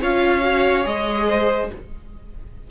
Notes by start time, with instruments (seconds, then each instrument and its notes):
0.00 cello C#4, viola F4, violin C#5 F5
0.41 viola F#4
0.83 cello G#3, viola G#4, violin D#5
1.28 violin C5